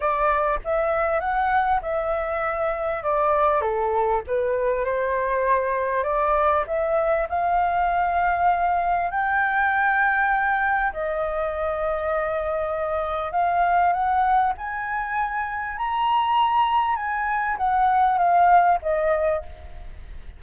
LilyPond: \new Staff \with { instrumentName = "flute" } { \time 4/4 \tempo 4 = 99 d''4 e''4 fis''4 e''4~ | e''4 d''4 a'4 b'4 | c''2 d''4 e''4 | f''2. g''4~ |
g''2 dis''2~ | dis''2 f''4 fis''4 | gis''2 ais''2 | gis''4 fis''4 f''4 dis''4 | }